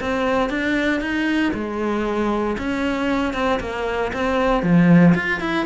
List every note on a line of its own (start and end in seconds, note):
0.00 0.49 C4
0.49 1.01 D4
1.01 1.53 D#4
1.54 2.57 G#3
2.58 3.34 C#4
3.34 3.59 C4
3.60 4.12 A#3
4.13 4.63 C4
4.63 5.14 F3
5.15 5.40 F4
5.40 5.66 E4